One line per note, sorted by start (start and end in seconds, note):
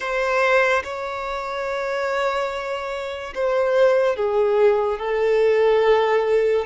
0.00 0.83 C5
0.83 3.33 C#5
3.34 4.16 C5
4.16 4.99 G#4
4.99 6.65 A4